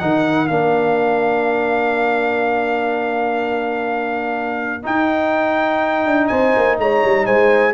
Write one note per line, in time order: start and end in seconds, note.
0.00 0.50 D#3
0.00 0.49 D#4
0.00 6.31 A#4
0.00 0.48 F#5
0.48 4.85 A#3
0.48 4.83 D4
0.48 4.83 F5
4.83 7.74 D#4
4.83 6.06 D#4
4.83 6.28 G5
6.06 6.31 D4
6.28 6.56 C4
6.28 6.79 C5
6.28 6.76 G#5
6.57 6.79 A#3
6.79 7.03 G#3
6.79 7.26 C#5
6.79 7.26 A#5
7.05 7.27 G3
7.26 7.75 G#3
7.26 7.75 C5
7.26 7.75 G#5